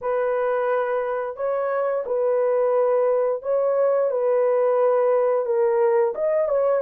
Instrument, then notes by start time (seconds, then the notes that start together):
horn
0.01 B4
1.36 C#5
2.05 B4
3.42 C#5
4.10 B4
5.45 A#4
6.14 D#5
6.48 C#5